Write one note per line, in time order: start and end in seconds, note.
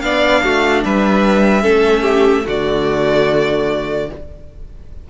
0.00 0.43 B3
0.00 1.62 D4
0.00 0.43 D5
0.00 0.81 F5
0.43 0.83 A3
0.43 0.84 F#4
0.84 1.64 G3
0.84 1.62 B4
0.84 2.47 E5
1.62 2.45 A3
1.62 2.43 C#4
1.62 2.01 A4
2.01 2.42 G4
2.43 4.09 D3
2.43 4.06 A3
2.43 4.08 F#4
2.43 4.10 D5